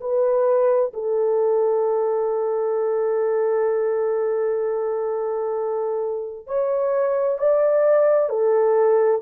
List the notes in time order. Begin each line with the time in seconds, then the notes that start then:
0.00 B4
0.93 A4
6.47 C#5
7.38 D5
8.29 A4